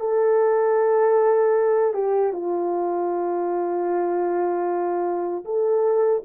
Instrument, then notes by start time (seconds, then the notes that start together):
horn
0.00 A4
1.94 G4
2.33 F4
5.45 A4